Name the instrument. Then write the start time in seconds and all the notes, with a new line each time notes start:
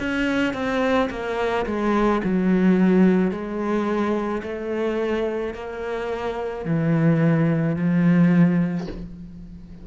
cello
0.00 C#4
0.54 C4
1.11 A#3
1.67 G#3
2.24 F#3
3.31 G#3
4.43 A3
5.55 A#3
6.66 E3
7.76 F3